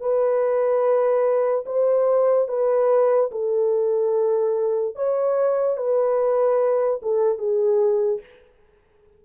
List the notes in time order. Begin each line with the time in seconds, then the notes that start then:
0.00 B4
1.66 C5
2.48 B4
3.31 A4
4.95 C#5
5.77 B4
7.02 A4
7.38 G#4